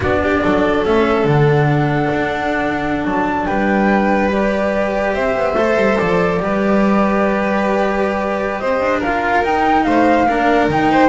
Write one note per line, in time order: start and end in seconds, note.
0.00 0.40 B3
0.00 0.84 D4
0.00 0.21 F#4
0.00 0.84 D5
0.22 0.43 G4
0.43 0.85 F#3
0.43 3.46 A4
0.84 1.24 A3
0.84 1.26 C#4
0.84 1.26 E5
1.24 2.08 D3
1.24 4.28 D4
1.24 3.05 F#5
2.11 3.04 D4
3.04 3.46 F#3
3.04 3.46 A5
3.46 5.14 G3
3.46 5.13 B4
3.46 4.30 G5
4.28 5.54 G4
4.28 5.14 D5
5.13 5.35 C4
5.13 6.39 C5
5.13 5.98 E5
5.35 5.54 B3
5.54 5.75 A3
5.54 6.39 A4
5.76 5.97 G3
5.98 6.39 F3
5.98 8.58 D5
6.39 8.60 G3
6.39 9.02 G4
6.39 8.60 B4
8.58 8.79 C4
8.58 8.99 C5
8.58 9.00 D#5
8.79 9.42 D4
8.99 9.83 A#4
8.99 9.43 F5
9.06 9.43 F4
9.43 9.85 D#4
9.43 10.27 D#4
9.43 9.83 G5
9.83 10.25 A3
9.83 10.28 C5
9.83 10.67 F5
10.25 10.67 A#3
10.25 10.70 D4
10.25 10.91 A#4
10.67 11.08 D#3
10.67 11.08 D#4
10.67 11.08 G5
10.91 11.08 C5